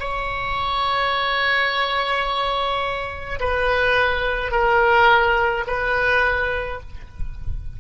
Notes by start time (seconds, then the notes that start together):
0.00 C#5
3.40 B4
4.52 A#4
5.67 B4